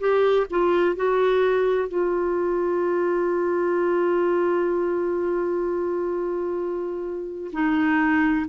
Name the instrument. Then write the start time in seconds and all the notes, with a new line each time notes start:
clarinet
0.00 G4
0.50 F4
0.96 F#4
1.89 F4
7.53 D#4